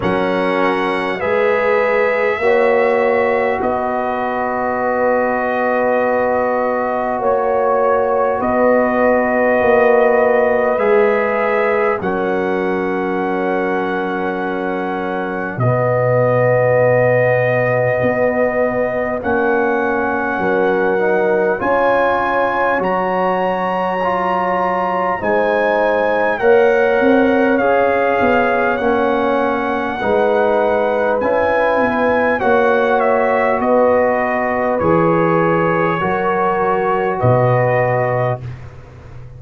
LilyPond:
<<
  \new Staff \with { instrumentName = "trumpet" } { \time 4/4 \tempo 4 = 50 fis''4 e''2 dis''4~ | dis''2 cis''4 dis''4~ | dis''4 e''4 fis''2~ | fis''4 dis''2. |
fis''2 gis''4 ais''4~ | ais''4 gis''4 fis''4 f''4 | fis''2 gis''4 fis''8 e''8 | dis''4 cis''2 dis''4 | }
  \new Staff \with { instrumentName = "horn" } { \time 4/4 ais'4 b'4 cis''4 b'4~ | b'2 cis''4 b'4~ | b'2 ais'2~ | ais'4 fis'2.~ |
fis'4 ais'4 cis''2~ | cis''4 c''4 cis''2~ | cis''4 b'2 cis''4 | b'2 ais'4 b'4 | }
  \new Staff \with { instrumentName = "trombone" } { \time 4/4 cis'4 gis'4 fis'2~ | fis'1~ | fis'4 gis'4 cis'2~ | cis'4 b2. |
cis'4. dis'8 f'4 fis'4 | f'4 dis'4 ais'4 gis'4 | cis'4 dis'4 e'4 fis'4~ | fis'4 gis'4 fis'2 | }
  \new Staff \with { instrumentName = "tuba" } { \time 4/4 fis4 gis4 ais4 b4~ | b2 ais4 b4 | ais4 gis4 fis2~ | fis4 b,2 b4 |
ais4 fis4 cis'4 fis4~ | fis4 gis4 ais8 c'8 cis'8 b8 | ais4 gis4 cis'8 b8 ais4 | b4 e4 fis4 b,4 | }
>>